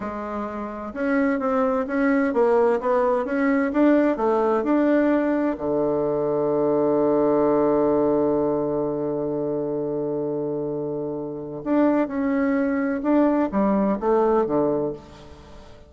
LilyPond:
\new Staff \with { instrumentName = "bassoon" } { \time 4/4 \tempo 4 = 129 gis2 cis'4 c'4 | cis'4 ais4 b4 cis'4 | d'4 a4 d'2 | d1~ |
d1~ | d1~ | d4 d'4 cis'2 | d'4 g4 a4 d4 | }